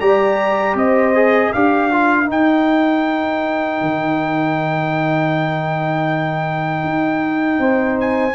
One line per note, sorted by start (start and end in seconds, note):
0.00 0.75 G3
0.00 1.15 G4
0.00 0.77 D5
0.00 0.76 A#5
0.75 1.51 C4
0.75 1.53 C5
0.75 1.53 D#5
1.15 1.53 G#4
1.53 2.29 D4
1.53 1.91 G4
1.53 7.60 A#4
1.53 2.29 F5
1.91 2.25 F4
2.25 8.33 D#4
2.25 3.81 D#4
2.25 8.00 G5
3.81 6.84 D#3
6.84 7.59 D#4
7.59 8.35 C4
7.59 8.35 C5
8.00 8.35 G#5